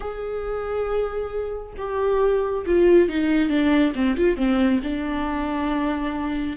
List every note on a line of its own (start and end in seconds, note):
0.00 1.72 G#4
1.77 2.65 G4
2.66 3.09 F4
3.09 3.49 D#4
3.49 3.93 D4
3.95 4.16 C4
4.16 4.36 F4
4.36 4.80 C4
4.83 6.57 D4